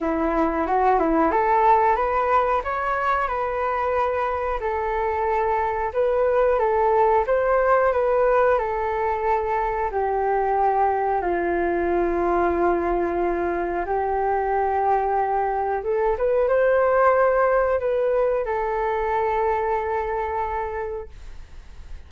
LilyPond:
\new Staff \with { instrumentName = "flute" } { \time 4/4 \tempo 4 = 91 e'4 fis'8 e'8 a'4 b'4 | cis''4 b'2 a'4~ | a'4 b'4 a'4 c''4 | b'4 a'2 g'4~ |
g'4 f'2.~ | f'4 g'2. | a'8 b'8 c''2 b'4 | a'1 | }